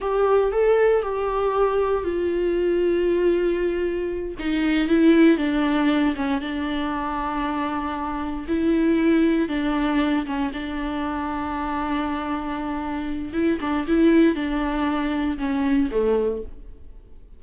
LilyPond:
\new Staff \with { instrumentName = "viola" } { \time 4/4 \tempo 4 = 117 g'4 a'4 g'2 | f'1~ | f'8 dis'4 e'4 d'4. | cis'8 d'2.~ d'8~ |
d'8 e'2 d'4. | cis'8 d'2.~ d'8~ | d'2 e'8 d'8 e'4 | d'2 cis'4 a4 | }